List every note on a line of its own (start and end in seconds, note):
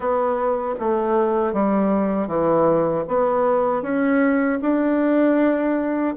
0.00 0.74 B3
0.79 1.53 A3
1.53 2.27 G3
2.27 3.04 E3
3.08 3.82 B3
3.82 4.59 C#4
4.61 6.15 D4